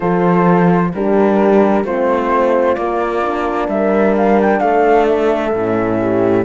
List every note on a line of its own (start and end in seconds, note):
0.00 0.93 F3
0.00 0.91 F4
0.00 0.90 A4
0.00 0.91 C5
0.94 1.84 G3
0.94 1.86 D4
0.94 1.85 G4
0.94 1.85 A#4
1.84 2.76 A3
1.84 2.77 C4
1.84 3.70 F4
1.84 2.74 C5
2.74 3.22 A#3
2.74 3.68 A#3
2.74 3.67 D5
3.22 5.52 D4
3.68 4.60 G3
3.68 4.60 A#4
3.68 4.15 E5
4.17 4.40 F5
4.41 4.59 G5
4.59 5.53 A3
4.59 5.99 A4
4.59 5.05 F5
5.07 6.45 E5
5.53 6.45 A2
5.53 6.45 C#4
6.00 6.45 G4